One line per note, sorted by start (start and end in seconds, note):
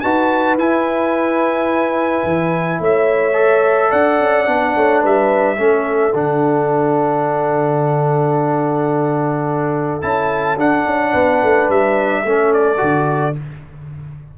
0.00 0.57 D#4
0.00 0.58 F#4
0.00 2.80 B4
0.00 0.56 A5
0.57 2.23 E4
0.57 3.33 E4
0.57 2.81 G#5
2.24 2.79 E3
2.80 3.91 A3
2.80 3.89 C#5
2.80 3.91 E5
3.33 4.44 A4
3.89 4.20 D4
3.89 4.73 D5
3.89 5.02 F#5
4.20 4.47 C#4
4.45 4.75 B3
4.45 5.56 D4
4.76 5.03 A3
4.76 5.02 C#5
5.02 5.58 G3
5.02 5.57 B4
5.02 6.15 E5
5.57 6.13 A3
5.57 6.13 C#4
5.57 11.11 A4
6.13 10.02 D3
6.13 10.02 D4
6.13 10.02 F#5
10.02 10.57 C#4
10.02 10.57 E4
10.02 10.57 A5
10.57 10.85 D4
10.57 12.25 D4
10.57 11.70 F#5
10.86 11.13 C#4
11.11 11.42 B3
11.11 12.22 B4
11.43 11.69 A3
11.69 12.24 G3
11.69 12.53 E5
12.24 12.80 A3
12.24 12.77 C#4
12.24 13.38 A4
12.53 13.36 D5
12.77 13.37 D3
12.77 13.33 F#4